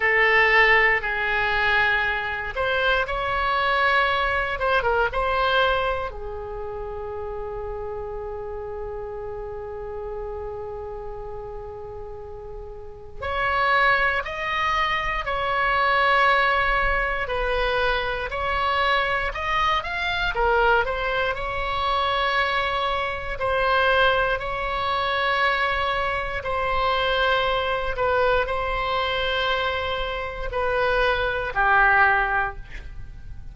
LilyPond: \new Staff \with { instrumentName = "oboe" } { \time 4/4 \tempo 4 = 59 a'4 gis'4. c''8 cis''4~ | cis''8 c''16 ais'16 c''4 gis'2~ | gis'1~ | gis'4 cis''4 dis''4 cis''4~ |
cis''4 b'4 cis''4 dis''8 f''8 | ais'8 c''8 cis''2 c''4 | cis''2 c''4. b'8 | c''2 b'4 g'4 | }